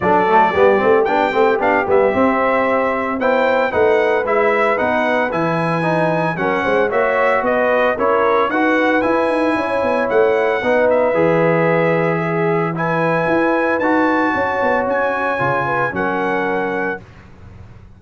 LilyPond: <<
  \new Staff \with { instrumentName = "trumpet" } { \time 4/4 \tempo 4 = 113 d''2 g''4 f''8 e''8~ | e''2 g''4 fis''4 | e''4 fis''4 gis''2 | fis''4 e''4 dis''4 cis''4 |
fis''4 gis''2 fis''4~ | fis''8 e''2.~ e''8 | gis''2 a''2 | gis''2 fis''2 | }
  \new Staff \with { instrumentName = "horn" } { \time 4/4 a'4 g'2.~ | g'2 c''4 b'4~ | b'1 | ais'8 c''8 cis''4 b'4 ais'4 |
b'2 cis''2 | b'2. gis'4 | b'2. cis''4~ | cis''4. b'8 ais'2 | }
  \new Staff \with { instrumentName = "trombone" } { \time 4/4 d'8 a8 b8 c'8 d'8 c'8 d'8 b8 | c'2 e'4 dis'4 | e'4 dis'4 e'4 dis'4 | cis'4 fis'2 e'4 |
fis'4 e'2. | dis'4 gis'2. | e'2 fis'2~ | fis'4 f'4 cis'2 | }
  \new Staff \with { instrumentName = "tuba" } { \time 4/4 fis4 g8 a8 b8 a8 b8 g8 | c'2 b4 a4 | gis4 b4 e2 | fis8 gis8 ais4 b4 cis'4 |
dis'4 e'8 dis'8 cis'8 b8 a4 | b4 e2.~ | e4 e'4 dis'4 cis'8 b8 | cis'4 cis4 fis2 | }
>>